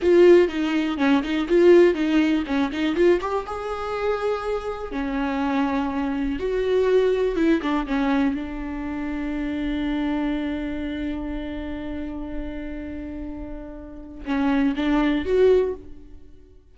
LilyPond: \new Staff \with { instrumentName = "viola" } { \time 4/4 \tempo 4 = 122 f'4 dis'4 cis'8 dis'8 f'4 | dis'4 cis'8 dis'8 f'8 g'8 gis'4~ | gis'2 cis'2~ | cis'4 fis'2 e'8 d'8 |
cis'4 d'2.~ | d'1~ | d'1~ | d'4 cis'4 d'4 fis'4 | }